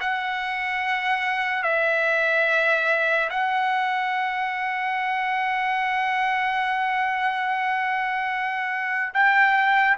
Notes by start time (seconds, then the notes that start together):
0.00 F#5
1.63 E5
3.30 F#5
9.14 G5